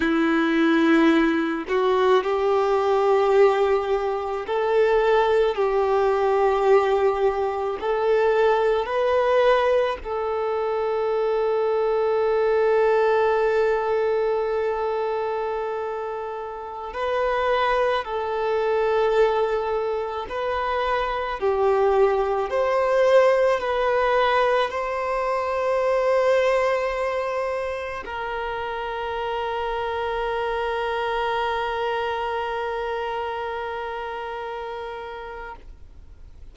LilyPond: \new Staff \with { instrumentName = "violin" } { \time 4/4 \tempo 4 = 54 e'4. fis'8 g'2 | a'4 g'2 a'4 | b'4 a'2.~ | a'2.~ a'16 b'8.~ |
b'16 a'2 b'4 g'8.~ | g'16 c''4 b'4 c''4.~ c''16~ | c''4~ c''16 ais'2~ ais'8.~ | ais'1 | }